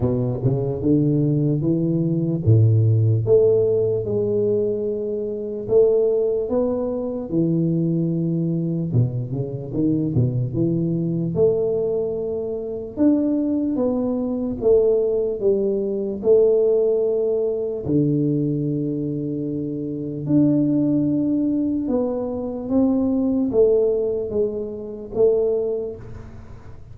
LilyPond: \new Staff \with { instrumentName = "tuba" } { \time 4/4 \tempo 4 = 74 b,8 cis8 d4 e4 a,4 | a4 gis2 a4 | b4 e2 b,8 cis8 | dis8 b,8 e4 a2 |
d'4 b4 a4 g4 | a2 d2~ | d4 d'2 b4 | c'4 a4 gis4 a4 | }